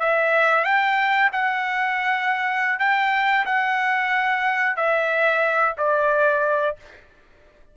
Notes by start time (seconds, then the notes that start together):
0.00 E5
0.65 G5
1.32 F#5
2.80 G5
3.46 F#5
4.77 E5
5.78 D5